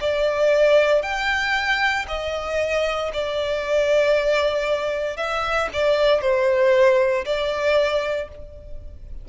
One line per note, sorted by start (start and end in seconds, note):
0.00 1.02 D5
1.02 2.05 G5
2.08 3.11 D#5
3.13 5.17 D5
5.17 5.68 E5
5.73 6.21 D5
6.21 7.25 C5
7.25 8.29 D5